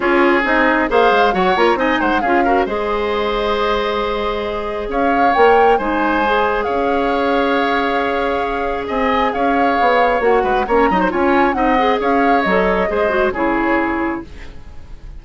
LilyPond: <<
  \new Staff \with { instrumentName = "flute" } { \time 4/4 \tempo 4 = 135 cis''4 dis''4 f''4 fis''8 ais''8 | gis''8 fis''8 f''4 dis''2~ | dis''2. f''4 | g''4 gis''2 f''4~ |
f''1 | gis''4 f''2 fis''4 | ais''4 gis''4 fis''4 f''4 | dis''2 cis''2 | }
  \new Staff \with { instrumentName = "oboe" } { \time 4/4 gis'2 c''4 cis''4 | dis''8 c''8 gis'8 ais'8 c''2~ | c''2. cis''4~ | cis''4 c''2 cis''4~ |
cis''1 | dis''4 cis''2~ cis''8 b'8 | cis''8 dis''16 c''16 cis''4 dis''4 cis''4~ | cis''4 c''4 gis'2 | }
  \new Staff \with { instrumentName = "clarinet" } { \time 4/4 f'4 dis'4 gis'4 fis'8 f'8 | dis'4 f'8 fis'8 gis'2~ | gis'1 | ais'4 dis'4 gis'2~ |
gis'1~ | gis'2. fis'4 | cis'8 dis'8 f'4 dis'8 gis'4. | a'4 gis'8 fis'8 e'2 | }
  \new Staff \with { instrumentName = "bassoon" } { \time 4/4 cis'4 c'4 ais8 gis8 fis8 ais8 | c'8 gis8 cis'4 gis2~ | gis2. cis'4 | ais4 gis2 cis'4~ |
cis'1 | c'4 cis'4 b4 ais8 gis8 | ais8 fis8 cis'4 c'4 cis'4 | fis4 gis4 cis2 | }
>>